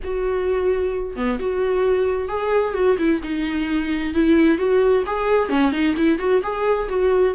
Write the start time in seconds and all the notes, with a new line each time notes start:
0.04 F#4
1.16 B3
1.39 F#4
2.28 G#4
2.74 F#4
2.98 E4
3.22 D#4
4.13 E4
4.57 F#4
5.06 G#4
5.49 C#4
5.71 D#4
5.96 E4
6.19 F#4
6.42 G#4
6.88 F#4